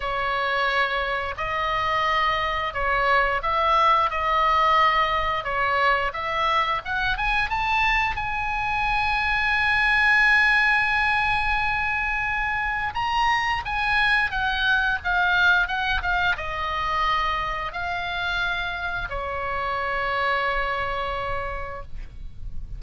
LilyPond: \new Staff \with { instrumentName = "oboe" } { \time 4/4 \tempo 4 = 88 cis''2 dis''2 | cis''4 e''4 dis''2 | cis''4 e''4 fis''8 gis''8 a''4 | gis''1~ |
gis''2. ais''4 | gis''4 fis''4 f''4 fis''8 f''8 | dis''2 f''2 | cis''1 | }